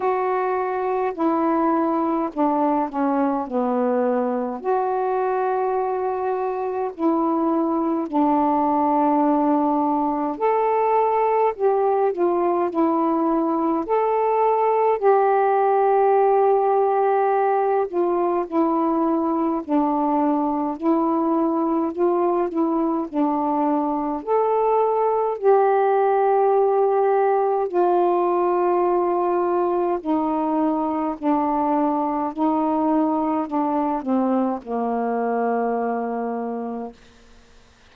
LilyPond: \new Staff \with { instrumentName = "saxophone" } { \time 4/4 \tempo 4 = 52 fis'4 e'4 d'8 cis'8 b4 | fis'2 e'4 d'4~ | d'4 a'4 g'8 f'8 e'4 | a'4 g'2~ g'8 f'8 |
e'4 d'4 e'4 f'8 e'8 | d'4 a'4 g'2 | f'2 dis'4 d'4 | dis'4 d'8 c'8 ais2 | }